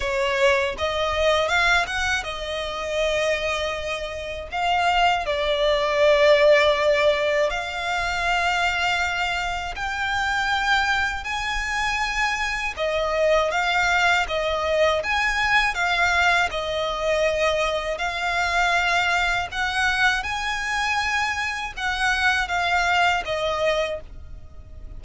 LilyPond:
\new Staff \with { instrumentName = "violin" } { \time 4/4 \tempo 4 = 80 cis''4 dis''4 f''8 fis''8 dis''4~ | dis''2 f''4 d''4~ | d''2 f''2~ | f''4 g''2 gis''4~ |
gis''4 dis''4 f''4 dis''4 | gis''4 f''4 dis''2 | f''2 fis''4 gis''4~ | gis''4 fis''4 f''4 dis''4 | }